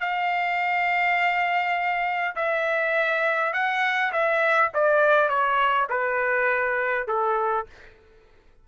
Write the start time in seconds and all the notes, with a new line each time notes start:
0.00 F5
2.36 E5
3.53 F#5
4.12 E5
4.74 D5
5.29 C#5
5.90 B4
7.08 A4